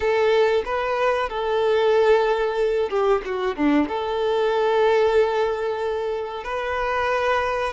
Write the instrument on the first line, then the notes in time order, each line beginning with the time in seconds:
violin
0.00 A4
0.65 B4
1.29 A4
2.89 G4
3.25 F#4
3.56 D4
3.87 A4
6.44 B4